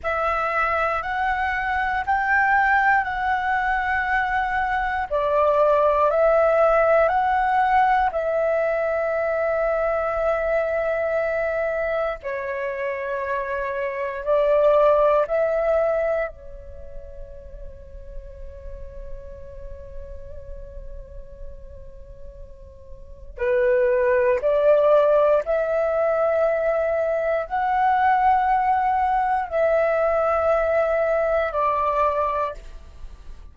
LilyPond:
\new Staff \with { instrumentName = "flute" } { \time 4/4 \tempo 4 = 59 e''4 fis''4 g''4 fis''4~ | fis''4 d''4 e''4 fis''4 | e''1 | cis''2 d''4 e''4 |
cis''1~ | cis''2. b'4 | d''4 e''2 fis''4~ | fis''4 e''2 d''4 | }